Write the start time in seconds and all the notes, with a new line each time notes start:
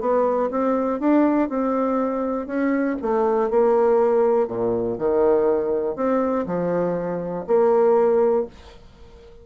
0.00 B3
0.50 C4
0.99 D4
1.49 C4
2.46 C#4
3.02 A3
3.50 A#3
4.47 A#2
4.98 D#3
5.95 C4
6.46 F3
7.47 A#3